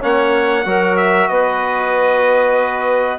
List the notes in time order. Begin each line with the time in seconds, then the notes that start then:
0.00 A#3 C#4 C#5 F#5
0.65 F#3 F#4 A#4
0.96 E5
1.28 B3 B4 D#5